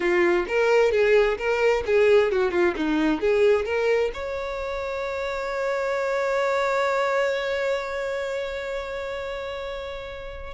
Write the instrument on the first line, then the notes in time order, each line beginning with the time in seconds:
violin
0.00 F4
0.47 A#4
0.91 G#4
1.37 A#4
1.85 G#4
2.31 F#4
2.51 F4
2.76 D#4
3.21 G#4
3.65 A#4
4.13 C#5